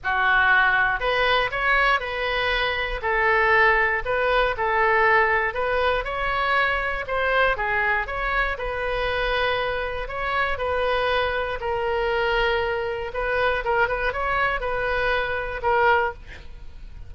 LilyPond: \new Staff \with { instrumentName = "oboe" } { \time 4/4 \tempo 4 = 119 fis'2 b'4 cis''4 | b'2 a'2 | b'4 a'2 b'4 | cis''2 c''4 gis'4 |
cis''4 b'2. | cis''4 b'2 ais'4~ | ais'2 b'4 ais'8 b'8 | cis''4 b'2 ais'4 | }